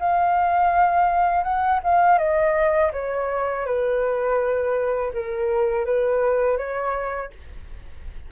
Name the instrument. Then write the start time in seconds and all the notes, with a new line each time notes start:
flute
0.00 F5
1.44 F#5
1.84 F5
2.19 D#5
2.93 C#5
3.67 B4
5.14 A#4
5.86 B4
6.58 C#5